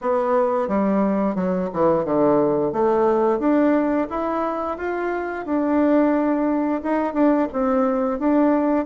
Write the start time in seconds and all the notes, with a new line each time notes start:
0.01 B3
0.68 G3
1.35 F#3
1.73 E3
2.04 D3
2.72 A3
3.39 D4
4.10 E4
4.77 F4
5.45 D4
6.82 D#4
7.13 D4
7.52 C4
8.19 D4